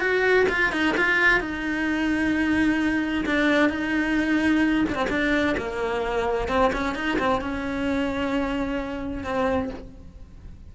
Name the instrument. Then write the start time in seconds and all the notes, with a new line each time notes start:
cello
0.00 F#4
0.49 F4
0.72 D#4
0.97 F4
1.40 D#4
3.26 D4
3.69 D#4
4.89 C4 D4
5.10 D4
5.57 A#3
6.48 C4
6.73 C#4
6.95 D#4
7.19 C4
7.41 C#4
9.23 C4